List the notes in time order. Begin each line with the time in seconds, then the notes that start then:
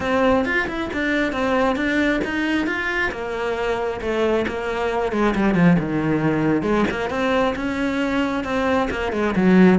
0.00 C4
0.45 F4
0.67 E4
0.93 D4
1.32 C4
1.76 D4
2.24 D#4
2.66 F4
3.11 A#3
4.01 A3
4.47 A#3
5.12 G#3
5.35 G3
5.54 F3
5.79 D#3
6.62 G#3
6.90 A#3
7.09 C4
7.55 C#4
8.44 C4
8.90 A#3
9.12 G#3
9.36 F#3